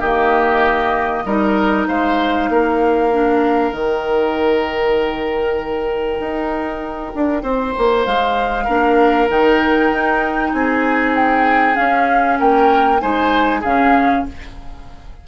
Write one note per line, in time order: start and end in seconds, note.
0.00 1.24 D#3
0.00 1.27 A#3
0.00 1.24 G4
0.00 1.87 D#5
1.25 1.87 G3
1.25 3.12 D#4
1.25 1.88 A#4
1.88 2.50 G#3
1.88 2.50 C5
1.88 3.74 F5
2.50 3.72 A#3
2.50 7.43 A#4
3.12 3.74 D4
3.72 6.20 D#3
3.72 8.68 D#4
3.72 8.05 G5
6.20 7.13 D#4
7.15 7.43 D4
7.43 7.74 C4
7.43 8.64 C5
7.78 8.07 A#3
8.05 8.68 G#3
8.05 9.29 F5
8.64 9.30 A#3
8.64 9.30 D4
8.64 10.50 A#4
9.30 9.92 D#3
9.30 11.75 D#4
9.30 10.53 G5
9.92 10.53 D#4
10.53 11.77 C4
10.53 12.39 G#4
10.53 11.15 G#5
11.16 11.76 G5
11.75 12.99 C#4
11.75 12.40 C#4
11.75 12.38 F5
12.39 13.02 A#3
12.39 13.01 A#4
12.39 13.00 G5
13.00 13.64 G#3
13.00 13.63 D#4
13.00 13.61 C5
13.00 13.62 G#5
13.61 14.26 C#3
13.61 14.28 C#4
13.61 14.23 G#4
13.61 14.26 F5